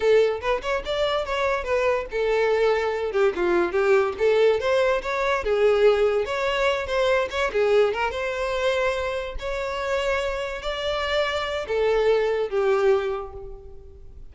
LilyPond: \new Staff \with { instrumentName = "violin" } { \time 4/4 \tempo 4 = 144 a'4 b'8 cis''8 d''4 cis''4 | b'4 a'2~ a'8 g'8 | f'4 g'4 a'4 c''4 | cis''4 gis'2 cis''4~ |
cis''8 c''4 cis''8 gis'4 ais'8 c''8~ | c''2~ c''8 cis''4.~ | cis''4. d''2~ d''8 | a'2 g'2 | }